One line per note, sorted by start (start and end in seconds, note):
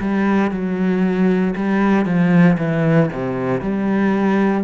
0.00 0.51 G3
0.51 1.54 F#3
1.56 2.05 G3
2.05 2.57 F3
2.58 3.09 E3
3.12 3.61 C3
3.61 4.64 G3